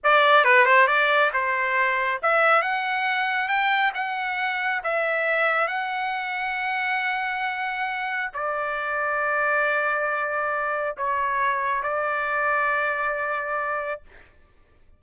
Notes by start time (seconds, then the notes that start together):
0.03 D5
0.44 B4
0.65 C5
0.87 D5
1.33 C5
2.22 E5
2.62 F#5
3.48 G5
3.94 F#5
4.83 E5
5.67 F#5
8.33 D5
10.97 C#5
11.82 D5